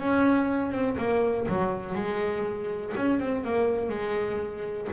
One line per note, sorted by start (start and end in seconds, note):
0.00 0.72 C#4
0.72 0.97 C4
0.98 1.47 A#3
1.49 1.95 F#3
1.95 2.94 G#3
2.97 3.20 C#4
3.20 3.44 C4
3.44 3.90 A#3
3.90 4.88 G#3